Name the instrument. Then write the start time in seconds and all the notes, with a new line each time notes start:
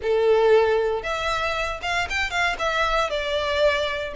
violin
0.02 A4
1.02 E5
1.82 F5
2.09 G5
2.30 F5
2.58 E5
3.10 D5